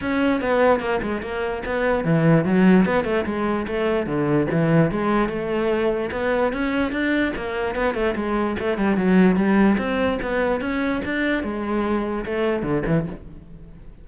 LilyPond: \new Staff \with { instrumentName = "cello" } { \time 4/4 \tempo 4 = 147 cis'4 b4 ais8 gis8 ais4 | b4 e4 fis4 b8 a8 | gis4 a4 d4 e4 | gis4 a2 b4 |
cis'4 d'4 ais4 b8 a8 | gis4 a8 g8 fis4 g4 | c'4 b4 cis'4 d'4 | gis2 a4 d8 e8 | }